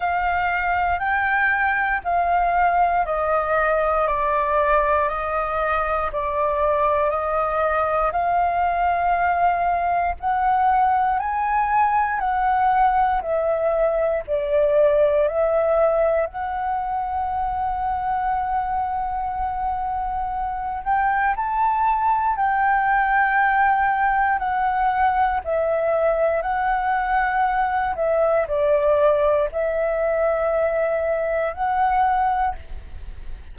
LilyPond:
\new Staff \with { instrumentName = "flute" } { \time 4/4 \tempo 4 = 59 f''4 g''4 f''4 dis''4 | d''4 dis''4 d''4 dis''4 | f''2 fis''4 gis''4 | fis''4 e''4 d''4 e''4 |
fis''1~ | fis''8 g''8 a''4 g''2 | fis''4 e''4 fis''4. e''8 | d''4 e''2 fis''4 | }